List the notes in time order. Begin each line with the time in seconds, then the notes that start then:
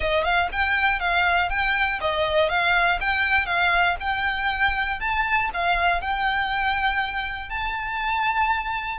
0.00 D#5
0.23 F5
0.52 G5
0.99 F5
1.49 G5
2.00 D#5
2.49 F5
3.00 G5
3.46 F5
4.00 G5
5.00 A5
5.53 F5
6.01 G5
7.49 A5